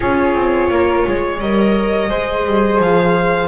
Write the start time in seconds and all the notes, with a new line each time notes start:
0.00 C#4 F4 G#4 C#5
0.34 C4
0.70 A#3 A#4
1.06 G#3 C#5
1.40 G3 A#4 D#5
2.09 G#3 G#4 C5
2.45 G3
2.78 F3 F5